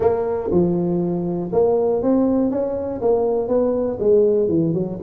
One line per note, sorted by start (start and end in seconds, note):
0.00 0.50 A#3
0.51 1.51 F3
1.52 2.02 A#3
2.02 2.50 C4
2.50 3.00 C#4
3.01 3.47 A#3
3.47 3.97 B3
3.99 4.48 G#3
4.48 4.73 E3
4.73 4.98 F#3